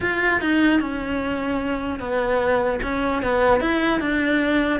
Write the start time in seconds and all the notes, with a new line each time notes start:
0.01 F4
0.41 D#4
0.80 C#4
1.99 B3
2.82 C#4
3.22 B3
3.60 E4
4.00 D4